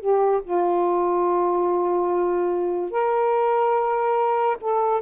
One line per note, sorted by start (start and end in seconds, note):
0.00 0.42 G4
0.44 2.91 F4
2.91 4.58 A#4
4.61 5.02 A4